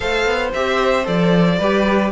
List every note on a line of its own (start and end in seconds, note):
0.00 0.25 A3
0.00 0.50 A4
0.00 1.58 C5
0.00 0.50 F5
0.25 0.51 B3
0.53 1.07 C4
0.53 1.04 G4
0.53 1.06 E5
1.04 1.59 F3
1.04 1.57 A4
1.04 2.12 D5
1.58 2.12 G3
1.58 2.12 G4
1.58 2.11 B4